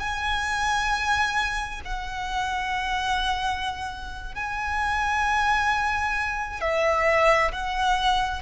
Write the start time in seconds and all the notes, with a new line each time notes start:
0.00 G#5
1.86 F#5
4.36 G#5
6.61 E5
7.52 F#5